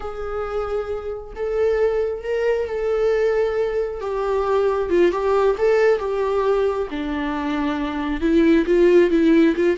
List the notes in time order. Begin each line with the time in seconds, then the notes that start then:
0.00 G#4
1.35 A4
2.23 A#4
2.67 A4
4.01 G4
4.89 F4
5.11 G4
5.58 A4
5.99 G4
6.90 D4
8.20 E4
8.65 F4
9.10 E4
9.56 F4